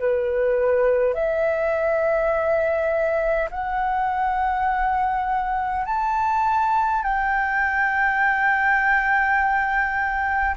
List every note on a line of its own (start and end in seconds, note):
0.00 1.14 B4
1.14 3.50 E5
3.51 5.86 F#5
5.86 7.03 A5
7.03 10.56 G5